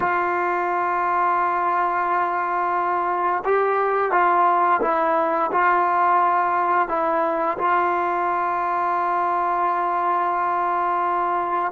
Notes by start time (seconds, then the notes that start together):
0.00 F4
3.45 G4
4.11 F4
4.81 E4
5.51 F4
6.88 E4
7.58 F4